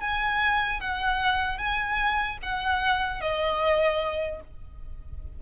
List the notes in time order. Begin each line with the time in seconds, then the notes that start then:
0.00 G#5
0.80 F#5
1.58 G#5
2.42 F#5
3.21 D#5